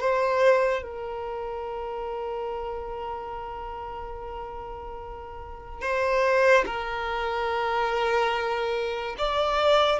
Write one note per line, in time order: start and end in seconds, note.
0.00 0.83 C5
0.83 5.81 A#4
5.81 6.65 C5
6.66 9.16 A#4
9.18 10.00 D5